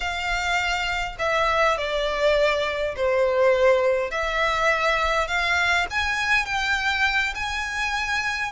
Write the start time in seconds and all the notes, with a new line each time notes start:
0.00 F5
1.18 E5
1.77 D5
2.96 C5
4.10 E5
5.27 F5
5.90 G#5
6.45 G5
7.34 G#5